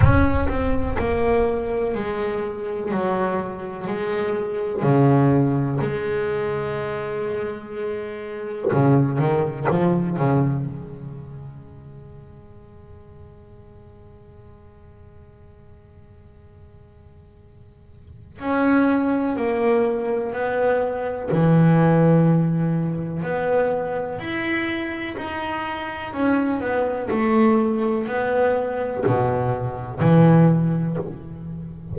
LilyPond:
\new Staff \with { instrumentName = "double bass" } { \time 4/4 \tempo 4 = 62 cis'8 c'8 ais4 gis4 fis4 | gis4 cis4 gis2~ | gis4 cis8 dis8 f8 cis8 gis4~ | gis1~ |
gis2. cis'4 | ais4 b4 e2 | b4 e'4 dis'4 cis'8 b8 | a4 b4 b,4 e4 | }